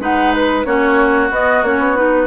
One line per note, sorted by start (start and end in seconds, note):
0.00 0.65 G#3
0.00 0.65 D#4
0.00 0.67 B4
0.00 0.33 F#5
0.33 0.65 B4
0.65 1.31 A#3
0.65 1.31 C#4
0.65 2.28 F#4
0.65 1.31 C#5
1.31 1.63 B3
1.31 1.64 B3
1.31 1.64 D#5
1.63 1.79 A#3
1.63 1.96 C#4
1.63 1.97 C#5
1.79 2.28 B3
1.96 2.28 D#4
1.96 2.28 B4